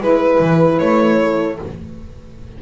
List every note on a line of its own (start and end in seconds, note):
0.00 0.39 G#3
0.00 1.58 E4
0.00 1.19 B4
0.00 0.79 B4
0.40 0.79 E3
0.79 1.59 A3
0.79 1.58 C#5
1.23 1.62 A4